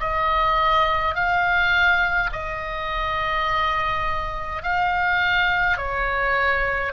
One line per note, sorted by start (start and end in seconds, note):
0.00 1.14 D#5
1.14 2.30 F5
2.32 4.63 D#5
4.63 5.77 F5
5.77 6.92 C#5